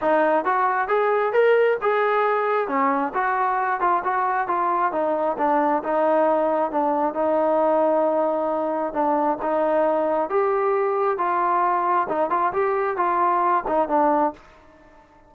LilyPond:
\new Staff \with { instrumentName = "trombone" } { \time 4/4 \tempo 4 = 134 dis'4 fis'4 gis'4 ais'4 | gis'2 cis'4 fis'4~ | fis'8 f'8 fis'4 f'4 dis'4 | d'4 dis'2 d'4 |
dis'1 | d'4 dis'2 g'4~ | g'4 f'2 dis'8 f'8 | g'4 f'4. dis'8 d'4 | }